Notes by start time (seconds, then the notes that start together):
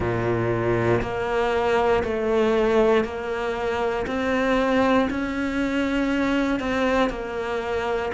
0.00 A#2
1.01 A#3
2.03 A3
3.04 A#3
4.07 C4
5.09 C#4
6.59 C4
7.09 A#3